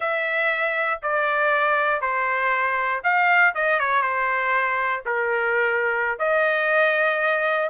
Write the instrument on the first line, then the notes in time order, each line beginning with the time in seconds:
trumpet
0.00 E5
1.02 D5
2.01 C5
3.03 F5
3.54 D#5
3.79 C#5
4.02 C5
5.05 A#4
6.19 D#5